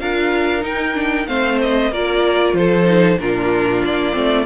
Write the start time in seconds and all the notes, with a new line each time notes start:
0.00 D4 F4 A#4 F5
0.61 D#4 G5
0.95 D4
1.27 A3 C4 C5 F5
1.62 D#5
1.92 A#3 F4 A#4 D5
2.54 F3 A4 C5
2.86 D#4
3.19 A#2 D4 F4 A#4
3.85 A#3 D5
4.13 A3 C4